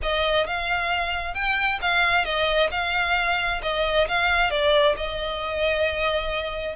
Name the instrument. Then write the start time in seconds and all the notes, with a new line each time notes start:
violin
0.02 D#5
0.46 F5
1.34 G5
1.81 F5
2.24 D#5
2.71 F5
3.62 D#5
4.08 F5
4.50 D5
4.96 D#5